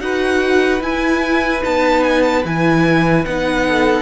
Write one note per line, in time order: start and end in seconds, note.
0.00 0.81 D#4
0.00 0.81 F#4
0.00 3.67 B4
0.00 0.82 F#5
0.81 1.62 E4
0.81 1.64 G#5
1.62 2.45 B3
1.62 2.43 D#4
1.62 2.04 A5
2.04 2.23 G#5
2.23 2.43 A5
2.45 3.26 E3
2.45 3.26 E4
2.45 3.25 G#5
3.25 4.02 B3
3.25 4.02 D#4
3.25 4.02 F#5
3.67 4.02 A4